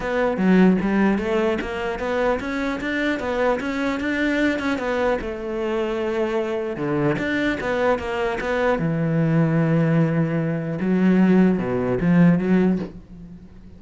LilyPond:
\new Staff \with { instrumentName = "cello" } { \time 4/4 \tempo 4 = 150 b4 fis4 g4 a4 | ais4 b4 cis'4 d'4 | b4 cis'4 d'4. cis'8 | b4 a2.~ |
a4 d4 d'4 b4 | ais4 b4 e2~ | e2. fis4~ | fis4 b,4 f4 fis4 | }